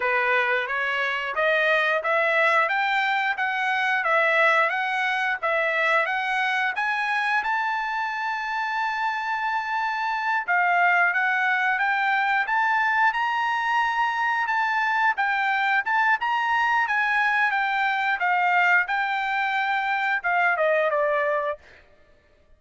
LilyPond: \new Staff \with { instrumentName = "trumpet" } { \time 4/4 \tempo 4 = 89 b'4 cis''4 dis''4 e''4 | g''4 fis''4 e''4 fis''4 | e''4 fis''4 gis''4 a''4~ | a''2.~ a''8 f''8~ |
f''8 fis''4 g''4 a''4 ais''8~ | ais''4. a''4 g''4 a''8 | ais''4 gis''4 g''4 f''4 | g''2 f''8 dis''8 d''4 | }